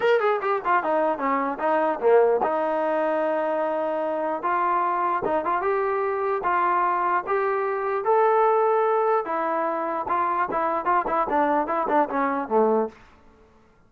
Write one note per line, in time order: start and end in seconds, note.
0.00 0.20 A#4
0.20 0.40 G#4
0.41 0.61 G4
0.64 0.83 F4
0.83 1.18 D#4
1.18 1.58 C#4
1.59 1.99 D#4
2.00 2.41 A#3
2.43 4.42 D#4
4.42 5.23 F4
5.24 5.45 D#4
5.45 5.61 F4
5.61 6.42 G4
6.43 7.24 F4
7.26 8.04 G4
8.04 9.25 A4
9.25 10.06 E4
10.08 10.48 F4
10.51 10.85 E4
10.85 11.05 F4
11.07 11.27 E4
11.29 11.67 D4
11.67 11.87 E4
11.88 12.08 D4
12.09 12.48 C#4
12.48 12.88 A3